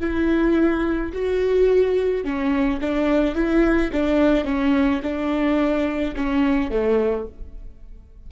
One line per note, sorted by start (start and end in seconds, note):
0.00 1.12 E4
1.12 2.24 F#4
2.24 2.80 C#4
2.81 3.35 D4
3.35 3.91 E4
3.92 4.45 D4
4.45 5.01 C#4
5.02 6.15 D4
6.16 6.70 C#4
6.70 7.26 A3